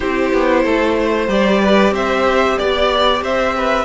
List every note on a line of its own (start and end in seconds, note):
0.00 0.33 C4
0.00 1.27 E4
0.00 0.63 G4
0.00 1.29 C5
0.33 0.64 B3
0.63 1.28 A3
0.63 0.95 A4
0.99 1.60 C5
1.27 1.91 G3
1.27 3.85 G4
1.27 1.94 D5
1.60 1.93 B4
1.91 2.56 C4
1.91 2.58 C5
1.91 2.58 E5
2.58 3.21 B3
2.58 3.22 D5
3.21 3.85 C4
3.21 3.55 C5
3.21 3.85 E5
3.56 3.85 B4